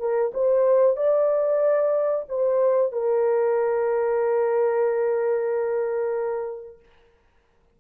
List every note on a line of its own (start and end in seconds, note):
0.00 0.32 A#4
0.34 0.97 C5
0.97 2.26 D5
2.29 2.93 C5
2.93 6.80 A#4